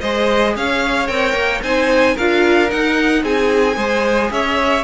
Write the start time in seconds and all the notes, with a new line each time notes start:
0.00 G#3 G#4 C5 D#5
0.56 C#4 C#5 F5
1.07 C4 A#4 G5
1.33 A#3
1.62 C4 D#4 C5 G#5
2.14 D4 F4 A#4 F5
2.68 D#4 F#5
3.22 C4 G#4 G#5
3.75 G#3 G#4 C5
4.31 C#4 C#5 E5